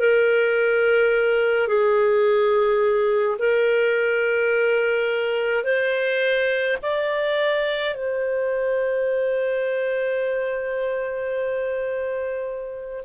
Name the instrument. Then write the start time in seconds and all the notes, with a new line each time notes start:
clarinet
0.00 A#4
1.67 G#4
3.39 A#4
5.63 C5
6.82 D5
7.95 C5